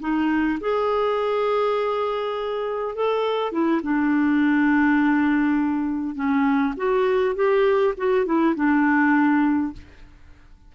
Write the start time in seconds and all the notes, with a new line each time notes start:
0.00 D#4
0.60 G#4
2.95 A4
3.52 E4
3.83 D4
6.15 C#4
6.76 F#4
7.35 G4
7.97 F#4
8.25 E4
8.55 D4